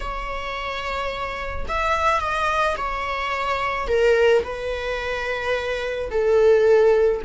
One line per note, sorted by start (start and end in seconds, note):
0.00 1.66 C#5
1.68 2.20 E5
2.20 2.76 D#5
2.77 3.87 C#5
3.87 4.43 A#4
4.43 6.10 B4
6.10 7.21 A4